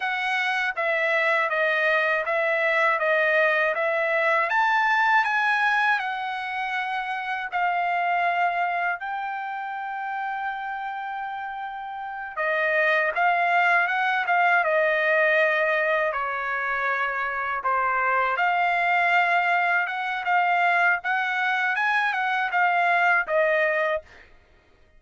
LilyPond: \new Staff \with { instrumentName = "trumpet" } { \time 4/4 \tempo 4 = 80 fis''4 e''4 dis''4 e''4 | dis''4 e''4 a''4 gis''4 | fis''2 f''2 | g''1~ |
g''8 dis''4 f''4 fis''8 f''8 dis''8~ | dis''4. cis''2 c''8~ | c''8 f''2 fis''8 f''4 | fis''4 gis''8 fis''8 f''4 dis''4 | }